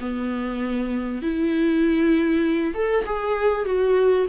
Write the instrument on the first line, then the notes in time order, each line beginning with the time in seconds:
viola
0.00 B3
1.22 E4
2.74 A4
3.05 G#4
3.65 F#4